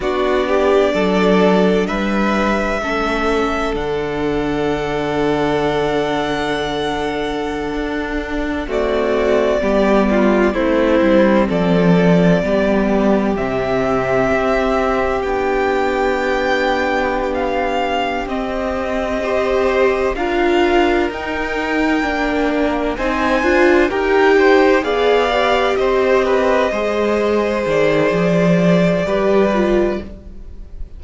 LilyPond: <<
  \new Staff \with { instrumentName = "violin" } { \time 4/4 \tempo 4 = 64 d''2 e''2 | fis''1~ | fis''4~ fis''16 d''2 c''8.~ | c''16 d''2 e''4.~ e''16~ |
e''16 g''2~ g''16 f''4 dis''8~ | dis''4. f''4 g''4.~ | g''8 gis''4 g''4 f''4 dis''8~ | dis''4. d''2~ d''8 | }
  \new Staff \with { instrumentName = "violin" } { \time 4/4 fis'8 g'8 a'4 b'4 a'4~ | a'1~ | a'4~ a'16 fis'4 g'8 f'8 e'8.~ | e'16 a'4 g'2~ g'8.~ |
g'1~ | g'8 c''4 ais'2~ ais'8~ | ais'8 c''4 ais'8 c''8 d''4 c''8 | b'8 c''2~ c''8 b'4 | }
  \new Staff \with { instrumentName = "viola" } { \time 4/4 d'2. cis'4 | d'1~ | d'4~ d'16 a4 b4 c'8.~ | c'4~ c'16 b4 c'4.~ c'16~ |
c'16 d'2.~ d'16 c'8~ | c'8 g'4 f'4 dis'4 d'8~ | d'8 dis'8 f'8 g'4 gis'8 g'4~ | g'8 gis'2~ gis'8 g'8 f'8 | }
  \new Staff \with { instrumentName = "cello" } { \time 4/4 b4 fis4 g4 a4 | d1~ | d16 d'4 c'4 g4 a8 g16~ | g16 f4 g4 c4 c'8.~ |
c'16 b2.~ b16 c'8~ | c'4. d'4 dis'4 ais8~ | ais8 c'8 d'8 dis'4 b4 c'8~ | c'8 gis4 dis8 f4 g4 | }
>>